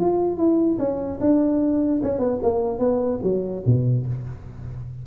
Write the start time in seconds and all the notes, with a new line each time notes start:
0.00 F4
0.37 E4
0.79 C#4
1.20 D4
2.03 C#4
2.19 B3
2.43 A#3
2.79 B3
3.23 F#3
3.66 B2